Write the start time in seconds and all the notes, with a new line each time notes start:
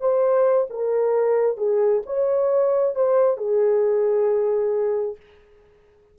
0.00 C5
0.70 A#4
1.57 G#4
2.06 C#5
2.95 C5
3.37 G#4